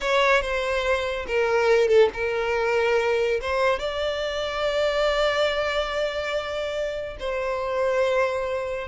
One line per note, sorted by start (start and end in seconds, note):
0.01 0.41 C#5
0.41 1.26 C5
1.27 1.88 A#4
1.88 2.09 A4
2.13 3.40 A#4
3.41 3.79 C5
3.79 7.17 D5
7.19 8.88 C5